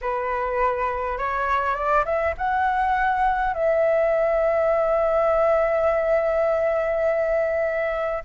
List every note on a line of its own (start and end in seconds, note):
0.01 1.18 B4
1.18 1.75 C#5
1.75 2.04 D5
2.05 2.34 E5
2.37 3.53 F#5
3.53 8.24 E5